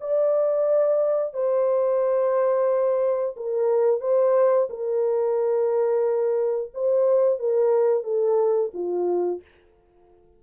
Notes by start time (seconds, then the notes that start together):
0.00 D5
1.33 C5
3.36 A#4
4.00 C5
4.69 A#4
6.74 C5
7.39 A#4
8.03 A4
8.73 F4